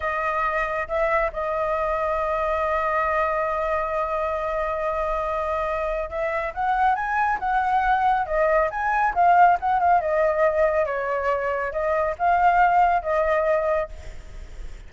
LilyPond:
\new Staff \with { instrumentName = "flute" } { \time 4/4 \tempo 4 = 138 dis''2 e''4 dis''4~ | dis''1~ | dis''1~ | dis''2 e''4 fis''4 |
gis''4 fis''2 dis''4 | gis''4 f''4 fis''8 f''8 dis''4~ | dis''4 cis''2 dis''4 | f''2 dis''2 | }